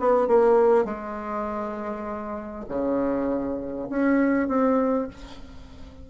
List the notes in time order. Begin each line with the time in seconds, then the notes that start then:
0.00 B3
0.28 A#3
0.85 G#3
2.69 C#3
3.90 C#4
4.49 C4